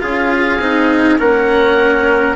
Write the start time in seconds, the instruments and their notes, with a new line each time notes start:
0.00 bassoon C#4, cello F4, trumpet G#4, oboe F5
0.60 bassoon C4, cello D#4
1.19 bassoon A#3, cello C#4, trumpet A#4, oboe F#5